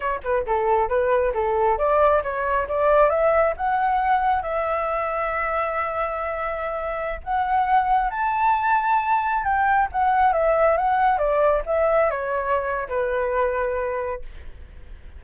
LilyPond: \new Staff \with { instrumentName = "flute" } { \time 4/4 \tempo 4 = 135 cis''8 b'8 a'4 b'4 a'4 | d''4 cis''4 d''4 e''4 | fis''2 e''2~ | e''1~ |
e''16 fis''2 a''4.~ a''16~ | a''4~ a''16 g''4 fis''4 e''8.~ | e''16 fis''4 d''4 e''4 cis''8.~ | cis''4 b'2. | }